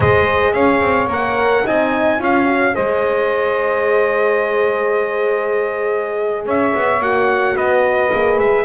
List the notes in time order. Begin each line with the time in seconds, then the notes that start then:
0.00 G#3 G#4 C5 D#5
0.53 C#4 C#5 F5
0.80 C4
1.07 A#3 A#4 F#5
1.64 C4 D#4 D#5 G#5
2.18 C#4 F4 C#5 F5
2.46 F#4
2.73 G#3 G#4 C5 D#5
6.44 C#4 C#5 E5
6.75 B3
6.99 A#3 F#4 F#5
7.54 B3 B4 D#5
8.10 A#3 G#4
8.38 G#3 E5